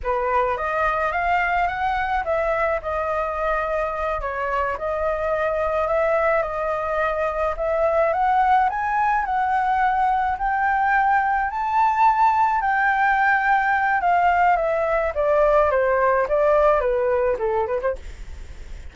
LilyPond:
\new Staff \with { instrumentName = "flute" } { \time 4/4 \tempo 4 = 107 b'4 dis''4 f''4 fis''4 | e''4 dis''2~ dis''8 cis''8~ | cis''8 dis''2 e''4 dis''8~ | dis''4. e''4 fis''4 gis''8~ |
gis''8 fis''2 g''4.~ | g''8 a''2 g''4.~ | g''4 f''4 e''4 d''4 | c''4 d''4 b'4 a'8 b'16 c''16 | }